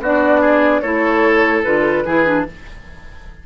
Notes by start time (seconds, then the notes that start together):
0.00 B3 D4 F#4 D5
0.41 G#4
0.82 A3 E4 A4 C#5
1.64 D3 F4 B4
2.06 E3 E4 G#4
2.26 D4